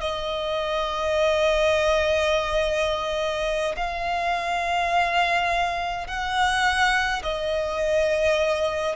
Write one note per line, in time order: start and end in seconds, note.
0.00 3.75 D#5
3.76 6.07 F5
6.07 7.22 F#5
7.22 8.95 D#5